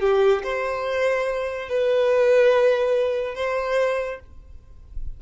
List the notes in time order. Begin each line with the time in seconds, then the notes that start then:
0.00 G4
0.43 C5
1.69 B4
3.35 C5